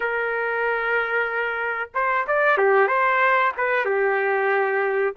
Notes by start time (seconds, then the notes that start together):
0.00 A#4
1.94 C5
2.27 D5
2.57 G4
2.87 C5
3.57 B4
3.85 G4